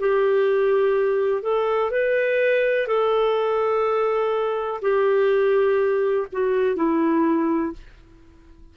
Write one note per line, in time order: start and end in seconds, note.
0.00 1.43 G4
1.43 1.91 A4
1.91 2.87 B4
2.87 4.81 A4
4.82 6.27 G4
6.33 6.77 F#4
6.77 7.73 E4